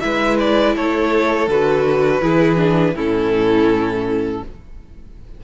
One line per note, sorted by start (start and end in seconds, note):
0.00 0.76 G#3
0.00 1.47 E4
0.00 0.75 B4
0.00 0.37 E5
0.39 0.76 D5
0.75 1.47 A3
0.75 2.22 A4
0.75 1.49 C#5
1.47 2.21 D3
1.47 2.22 F#4
1.47 2.96 B4
2.22 2.94 E3
2.22 2.56 E4
2.22 2.95 G#4
2.56 2.93 D4
2.94 4.40 A2
2.94 4.43 C#4
2.94 4.41 E4
2.94 4.44 A4